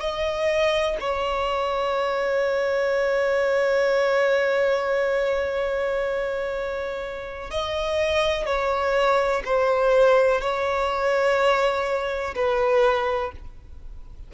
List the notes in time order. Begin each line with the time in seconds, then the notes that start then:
0.00 D#5
1.00 C#5
7.50 D#5
8.45 C#5
9.45 C5
10.41 C#5
12.35 B4